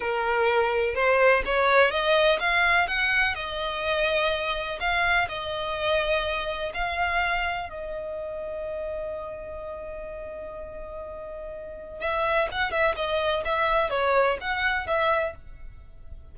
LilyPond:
\new Staff \with { instrumentName = "violin" } { \time 4/4 \tempo 4 = 125 ais'2 c''4 cis''4 | dis''4 f''4 fis''4 dis''4~ | dis''2 f''4 dis''4~ | dis''2 f''2 |
dis''1~ | dis''1~ | dis''4 e''4 fis''8 e''8 dis''4 | e''4 cis''4 fis''4 e''4 | }